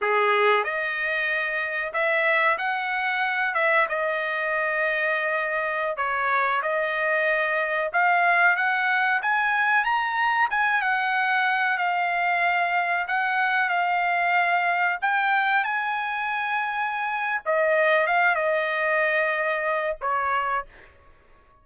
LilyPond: \new Staff \with { instrumentName = "trumpet" } { \time 4/4 \tempo 4 = 93 gis'4 dis''2 e''4 | fis''4. e''8 dis''2~ | dis''4~ dis''16 cis''4 dis''4.~ dis''16~ | dis''16 f''4 fis''4 gis''4 ais''8.~ |
ais''16 gis''8 fis''4. f''4.~ f''16~ | f''16 fis''4 f''2 g''8.~ | g''16 gis''2~ gis''8. dis''4 | f''8 dis''2~ dis''8 cis''4 | }